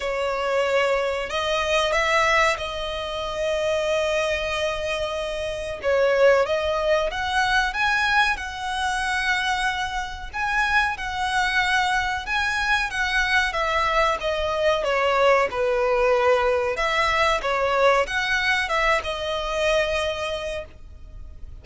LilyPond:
\new Staff \with { instrumentName = "violin" } { \time 4/4 \tempo 4 = 93 cis''2 dis''4 e''4 | dis''1~ | dis''4 cis''4 dis''4 fis''4 | gis''4 fis''2. |
gis''4 fis''2 gis''4 | fis''4 e''4 dis''4 cis''4 | b'2 e''4 cis''4 | fis''4 e''8 dis''2~ dis''8 | }